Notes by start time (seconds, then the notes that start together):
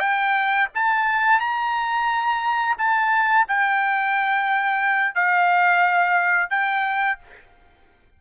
0.00 G5
0.75 A5
1.40 A#5
2.78 A5
3.48 G5
5.15 F5
6.51 G5